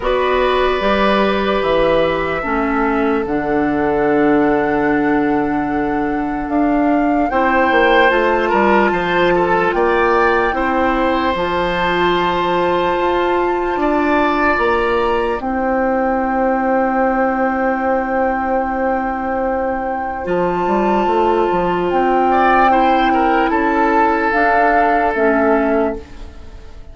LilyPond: <<
  \new Staff \with { instrumentName = "flute" } { \time 4/4 \tempo 4 = 74 d''2 e''2 | fis''1 | f''4 g''4 a''2 | g''2 a''2~ |
a''2 ais''4 g''4~ | g''1~ | g''4 a''2 g''4~ | g''4 a''4 f''4 e''4 | }
  \new Staff \with { instrumentName = "oboe" } { \time 4/4 b'2. a'4~ | a'1~ | a'4 c''4. ais'8 c''8 a'8 | d''4 c''2.~ |
c''4 d''2 c''4~ | c''1~ | c''2.~ c''8 d''8 | c''8 ais'8 a'2. | }
  \new Staff \with { instrumentName = "clarinet" } { \time 4/4 fis'4 g'2 cis'4 | d'1~ | d'4 e'4 f'2~ | f'4 e'4 f'2~ |
f'2. e'4~ | e'1~ | e'4 f'2. | e'2 d'4 cis'4 | }
  \new Staff \with { instrumentName = "bassoon" } { \time 4/4 b4 g4 e4 a4 | d1 | d'4 c'8 ais8 a8 g8 f4 | ais4 c'4 f2 |
f'4 d'4 ais4 c'4~ | c'1~ | c'4 f8 g8 a8 f8 c'4~ | c'4 cis'4 d'4 a4 | }
>>